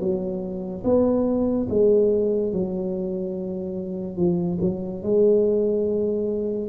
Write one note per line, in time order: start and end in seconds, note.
0.00 0.83 F#3
0.84 1.67 B3
1.70 2.53 G#3
2.53 4.17 F#3
4.17 4.59 F3
4.62 5.03 F#3
5.03 6.69 G#3